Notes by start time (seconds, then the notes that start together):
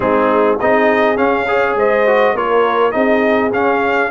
0.00 G#3 C4 D#4 G#4
0.59 C4 D#4 G#4 D#5
1.16 C#4 F5
1.47 G#4 C#5
1.75 G#3 C5 D#5
2.06 F#4
2.34 A#3 F4 A#4 C#5
2.91 C4 D#4 G#4 D#5
3.52 C#4 F5